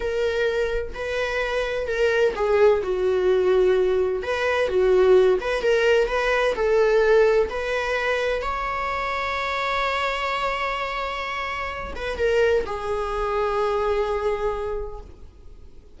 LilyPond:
\new Staff \with { instrumentName = "viola" } { \time 4/4 \tempo 4 = 128 ais'2 b'2 | ais'4 gis'4 fis'2~ | fis'4 b'4 fis'4. b'8 | ais'4 b'4 a'2 |
b'2 cis''2~ | cis''1~ | cis''4. b'8 ais'4 gis'4~ | gis'1 | }